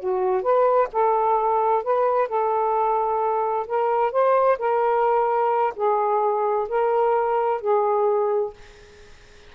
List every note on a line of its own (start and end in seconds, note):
0.00 0.43 F#4
0.43 0.89 B4
0.93 1.84 A4
1.84 2.28 B4
2.28 3.67 A4
3.67 4.12 A#4
4.12 4.58 C5
4.59 5.74 A#4
5.76 6.68 G#4
6.69 7.61 A#4
7.61 8.54 G#4